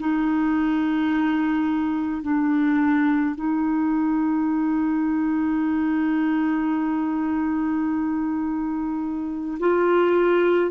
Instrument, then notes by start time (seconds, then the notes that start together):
clarinet
0.00 D#4
2.22 D4
3.36 D#4
9.60 F4